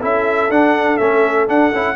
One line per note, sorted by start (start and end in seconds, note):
0.00 0.50 C#4
0.00 0.51 E4
0.00 1.96 A4
0.00 0.52 E5
0.50 0.99 D4
0.50 0.97 F#5
0.97 1.49 A3
0.97 1.48 C#4
0.97 1.47 E5
1.48 1.72 D4
1.48 1.73 D4
1.48 1.96 F#5
1.73 1.96 C#4
1.73 1.96 E4